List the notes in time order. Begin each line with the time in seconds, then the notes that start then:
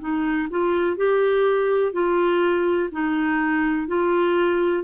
0.00 D#4
0.50 F4
0.97 G4
1.93 F4
2.92 D#4
3.88 F4